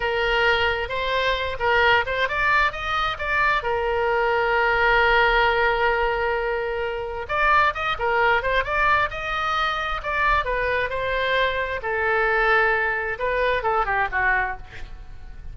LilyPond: \new Staff \with { instrumentName = "oboe" } { \time 4/4 \tempo 4 = 132 ais'2 c''4. ais'8~ | ais'8 c''8 d''4 dis''4 d''4 | ais'1~ | ais'1 |
d''4 dis''8 ais'4 c''8 d''4 | dis''2 d''4 b'4 | c''2 a'2~ | a'4 b'4 a'8 g'8 fis'4 | }